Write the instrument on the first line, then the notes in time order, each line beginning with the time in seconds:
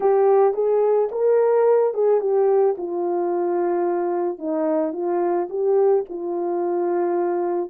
horn
0.00 G4
0.54 G#4
1.11 A#4
1.93 G#4
2.20 G4
2.77 F4
4.38 D#4
4.93 F4
5.49 G4
6.09 F4